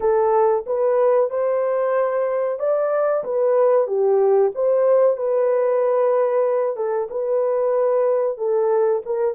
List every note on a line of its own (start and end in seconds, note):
0.00 0.65 A4
0.66 1.30 B4
1.30 2.59 C5
2.59 3.23 D5
3.23 3.87 B4
3.87 4.51 G4
4.55 5.16 C5
5.16 6.76 B4
6.76 7.08 A4
7.10 8.37 B4
8.37 9.01 A4
9.05 9.34 A#4